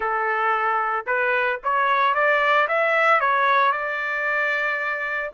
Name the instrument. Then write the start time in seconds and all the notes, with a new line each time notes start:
trumpet
0.00 A4
1.06 B4
1.63 C#5
2.14 D5
2.68 E5
3.20 C#5
3.71 D5